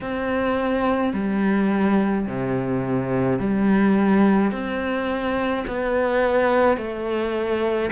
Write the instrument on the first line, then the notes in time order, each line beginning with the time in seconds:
cello
0.00 C4
1.13 G3
2.26 C3
3.39 G3
4.51 C4
5.67 B3
6.77 A3